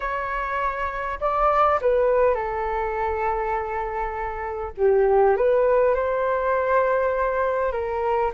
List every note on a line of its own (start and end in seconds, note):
0.00 1.19 C#5
1.20 1.80 D5
1.81 2.34 B4
2.34 4.72 A4
4.77 5.36 G4
5.36 5.94 B4
5.94 7.72 C5
7.72 8.31 A#4